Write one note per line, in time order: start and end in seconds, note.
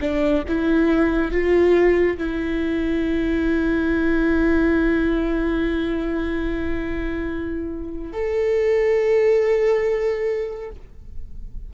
0.00 0.43 D4
0.48 1.31 E4
1.31 2.17 F4
2.17 8.13 E4
8.13 10.70 A4